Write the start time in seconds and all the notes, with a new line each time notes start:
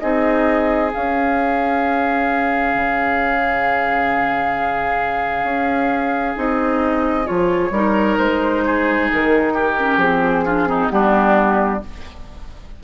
0.00 C4 D#4 G#4 D#5
0.91 C#4 F5
2.75 C#3
5.44 C#4
6.36 C4 D#4 D#5
7.25 F3 F4 C#5
7.71 G3 D#4 A#4
8.18 G#3 C5
8.66 G#4
9.13 D#3 A#4
9.54 G4
9.80 C#4
9.98 F3 C4 G#4
10.45 D4 F4
10.67 C4 D#4
10.90 G3 B3 D4 G4